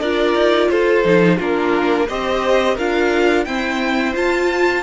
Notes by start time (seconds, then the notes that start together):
0.00 D4 F4 A#4 D5
0.35 D#4
0.69 F4 A4 C5
1.04 F3 D#4
1.37 A#3 D4 F4 A#4
2.07 C4 G4 C5 D#5
2.75 D4 F4 A#4 F5
3.44 C4 E4 C5 G5
4.14 F4 A5